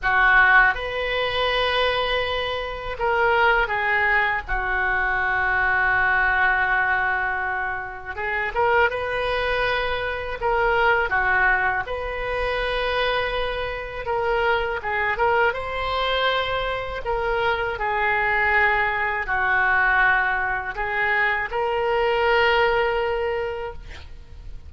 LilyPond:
\new Staff \with { instrumentName = "oboe" } { \time 4/4 \tempo 4 = 81 fis'4 b'2. | ais'4 gis'4 fis'2~ | fis'2. gis'8 ais'8 | b'2 ais'4 fis'4 |
b'2. ais'4 | gis'8 ais'8 c''2 ais'4 | gis'2 fis'2 | gis'4 ais'2. | }